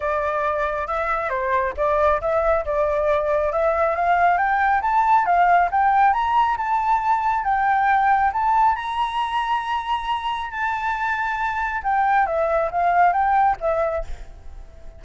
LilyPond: \new Staff \with { instrumentName = "flute" } { \time 4/4 \tempo 4 = 137 d''2 e''4 c''4 | d''4 e''4 d''2 | e''4 f''4 g''4 a''4 | f''4 g''4 ais''4 a''4~ |
a''4 g''2 a''4 | ais''1 | a''2. g''4 | e''4 f''4 g''4 e''4 | }